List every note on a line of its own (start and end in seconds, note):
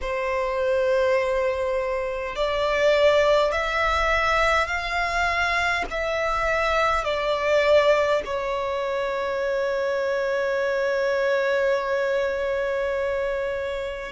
0.01 2.35 C5
2.35 3.52 D5
3.52 4.67 E5
4.67 5.84 F5
5.90 7.04 E5
7.04 8.22 D5
8.25 14.12 C#5